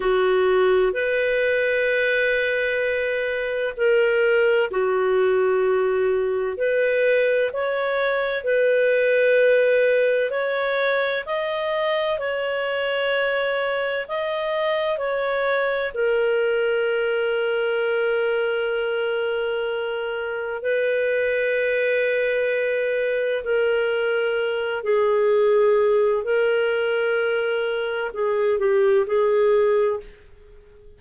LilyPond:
\new Staff \with { instrumentName = "clarinet" } { \time 4/4 \tempo 4 = 64 fis'4 b'2. | ais'4 fis'2 b'4 | cis''4 b'2 cis''4 | dis''4 cis''2 dis''4 |
cis''4 ais'2.~ | ais'2 b'2~ | b'4 ais'4. gis'4. | ais'2 gis'8 g'8 gis'4 | }